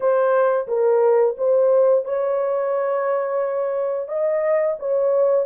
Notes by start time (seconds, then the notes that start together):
0.00 C5
0.67 A#4
1.37 C5
2.05 C#5
4.08 D#5
4.79 C#5